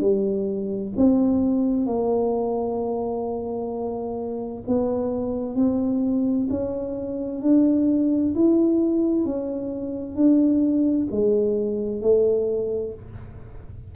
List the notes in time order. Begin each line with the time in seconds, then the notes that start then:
0.00 G3
0.96 C4
1.86 A#3
4.67 B3
5.55 C4
6.50 C#4
7.41 D4
8.35 E4
9.25 C#4
10.15 D4
11.10 G#3
12.01 A3